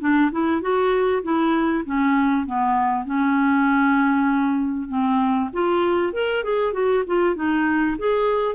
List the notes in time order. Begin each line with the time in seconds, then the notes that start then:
0.00 D4
0.31 E4
0.61 F#4
1.23 E4
1.85 C#4
2.46 B3
3.05 C#4
4.88 C4
5.53 F4
6.13 A#4
6.44 G#4
6.73 F#4
7.07 F4
7.35 D#4
7.98 G#4